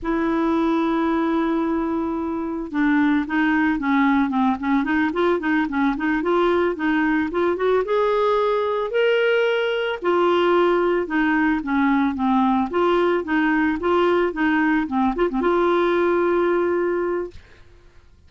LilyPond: \new Staff \with { instrumentName = "clarinet" } { \time 4/4 \tempo 4 = 111 e'1~ | e'4 d'4 dis'4 cis'4 | c'8 cis'8 dis'8 f'8 dis'8 cis'8 dis'8 f'8~ | f'8 dis'4 f'8 fis'8 gis'4.~ |
gis'8 ais'2 f'4.~ | f'8 dis'4 cis'4 c'4 f'8~ | f'8 dis'4 f'4 dis'4 c'8 | f'16 c'16 f'2.~ f'8 | }